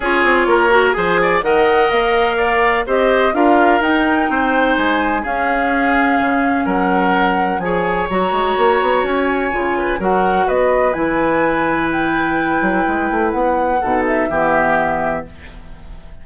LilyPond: <<
  \new Staff \with { instrumentName = "flute" } { \time 4/4 \tempo 4 = 126 cis''2 gis''4 fis''4 | f''2 dis''4 f''4 | g''2 gis''4 f''4~ | f''2 fis''2 |
gis''4 ais''2 gis''4~ | gis''4 fis''4 dis''4 gis''4~ | gis''4 g''2. | fis''4. e''2~ e''8 | }
  \new Staff \with { instrumentName = "oboe" } { \time 4/4 gis'4 ais'4 c''8 d''8 dis''4~ | dis''4 d''4 c''4 ais'4~ | ais'4 c''2 gis'4~ | gis'2 ais'2 |
cis''1~ | cis''8 b'8 ais'4 b'2~ | b'1~ | b'4 a'4 g'2 | }
  \new Staff \with { instrumentName = "clarinet" } { \time 4/4 f'4. fis'8 gis'4 ais'4~ | ais'2 g'4 f'4 | dis'2. cis'4~ | cis'1 |
gis'4 fis'2. | f'4 fis'2 e'4~ | e'1~ | e'4 dis'4 b2 | }
  \new Staff \with { instrumentName = "bassoon" } { \time 4/4 cis'8 c'8 ais4 f4 dis4 | ais2 c'4 d'4 | dis'4 c'4 gis4 cis'4~ | cis'4 cis4 fis2 |
f4 fis8 gis8 ais8 b8 cis'4 | cis4 fis4 b4 e4~ | e2~ e8 fis8 gis8 a8 | b4 b,4 e2 | }
>>